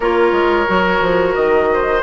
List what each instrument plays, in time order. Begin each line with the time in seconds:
0.00 bassoon A#3, clarinet F4, oboe A#4, flute C#5
0.32 bassoon G#3
0.66 bassoon F#3, clarinet F#4
1.00 bassoon F3
1.33 bassoon D#3, flute D#5
1.73 oboe C5